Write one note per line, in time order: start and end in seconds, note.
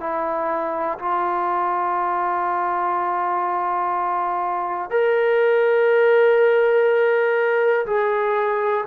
0.00 0.98 E4
0.99 4.90 F4
4.90 7.86 A#4
7.86 8.84 G#4